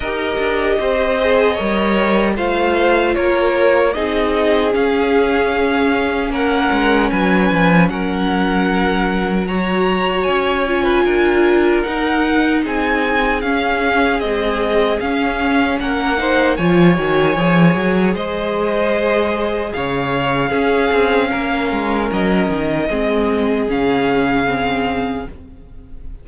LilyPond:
<<
  \new Staff \with { instrumentName = "violin" } { \time 4/4 \tempo 4 = 76 dis''2. f''4 | cis''4 dis''4 f''2 | fis''4 gis''4 fis''2 | ais''4 gis''2 fis''4 |
gis''4 f''4 dis''4 f''4 | fis''4 gis''2 dis''4~ | dis''4 f''2. | dis''2 f''2 | }
  \new Staff \with { instrumentName = "violin" } { \time 4/4 ais'4 c''4 cis''4 c''4 | ais'4 gis'2. | ais'4 b'4 ais'2 | cis''4.~ cis''16 b'16 ais'2 |
gis'1 | ais'8 c''8 cis''2 c''4~ | c''4 cis''4 gis'4 ais'4~ | ais'4 gis'2. | }
  \new Staff \with { instrumentName = "viola" } { \time 4/4 g'4. gis'8 ais'4 f'4~ | f'4 dis'4 cis'2~ | cis'1 | fis'4. f'4. dis'4~ |
dis'4 cis'4 gis4 cis'4~ | cis'8 dis'8 f'8 fis'8 gis'2~ | gis'2 cis'2~ | cis'4 c'4 cis'4 c'4 | }
  \new Staff \with { instrumentName = "cello" } { \time 4/4 dis'8 d'8 c'4 g4 a4 | ais4 c'4 cis'2 | ais8 gis8 fis8 f8 fis2~ | fis4 cis'4 d'4 dis'4 |
c'4 cis'4 c'4 cis'4 | ais4 f8 dis8 f8 fis8 gis4~ | gis4 cis4 cis'8 c'8 ais8 gis8 | fis8 dis8 gis4 cis2 | }
>>